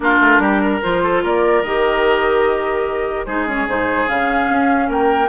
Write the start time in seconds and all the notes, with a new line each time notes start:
0.00 A#3 D4 F4 A#4
0.20 A3
0.38 G3 G4
0.61 A#4
0.82 F3 F4 C5
1.03 A4
1.22 A#3 A#4 D5
1.62 D#3 G4 D#5
3.25 G#3 D#4 G#4 C5
3.47 C#4 C#5
3.68 G#2 D#4 C5
4.07 C#3 C#4 F5
4.49 C#4
4.88 A#3 A#4 G5